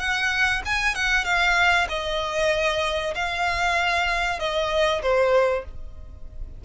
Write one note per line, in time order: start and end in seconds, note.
0.00 0.62 F#5
0.66 0.95 G#5
0.95 1.25 F#5
1.25 1.88 F5
1.90 3.15 D#5
3.16 4.40 F5
4.40 5.03 D#5
5.03 5.65 C5